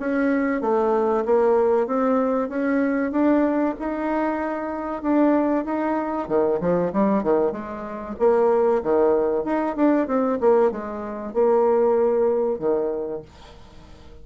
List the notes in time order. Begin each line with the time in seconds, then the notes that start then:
0.00 C#4
0.61 A3
1.25 A#3
1.87 C4
2.49 C#4
3.12 D4
3.80 D#4
5.03 D4
5.65 D#4
6.28 D#3
6.61 F3
6.93 G3
7.24 D#3
7.52 G#3
8.20 A#3
8.83 D#3
9.45 D#4
9.76 D4
10.07 C4
10.41 A#3
10.72 G#3
11.34 A#3
12.59 D#3